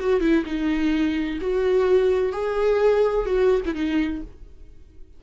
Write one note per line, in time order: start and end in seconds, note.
0.00 0.21 F#4
0.21 0.44 E4
0.46 1.39 D#4
1.41 2.33 F#4
2.33 3.26 G#4
3.26 3.61 F#4
3.66 3.75 E4
3.75 4.22 D#4